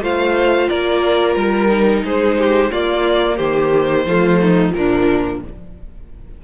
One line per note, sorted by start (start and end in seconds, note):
0.00 0.67 A3
0.00 1.68 F4
0.00 0.69 C5
0.00 0.69 F5
0.69 1.35 A#3
0.69 2.04 A#4
0.69 1.34 D5
1.34 2.03 G3
1.34 2.02 A#4
1.68 2.69 D#4
2.03 2.71 G#3
2.03 2.37 G#4
2.03 2.71 C5
2.38 2.71 G4
2.71 4.06 A#3
2.71 3.39 A#3
2.71 3.36 F4
2.71 3.37 D5
3.36 4.05 D#3
3.36 4.04 G4
3.36 4.71 C5
4.05 4.73 F3
4.05 4.69 A3
4.05 4.40 F4
4.40 4.74 D#4
4.69 5.42 A#2
4.69 5.37 F3
4.69 5.41 A#4
4.77 5.44 D4